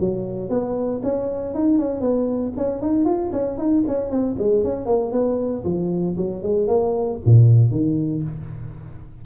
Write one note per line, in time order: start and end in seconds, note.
0.00 0.50 F#3
0.50 1.02 B3
1.03 1.55 C#4
1.55 1.79 D#4
1.79 2.01 C#4
2.01 2.53 B3
2.57 2.82 C#4
2.82 3.06 D#4
3.06 3.32 F4
3.32 3.58 C#4
3.58 3.84 D#4
3.88 4.11 C#4
4.11 4.36 C4
4.39 4.64 G#3
4.64 4.86 C#4
4.86 5.12 A#3
5.12 5.64 B3
5.64 6.16 F3
6.18 6.43 F#3
6.43 6.68 G#3
6.68 7.20 A#3
7.26 7.71 A#2
7.71 8.23 D#3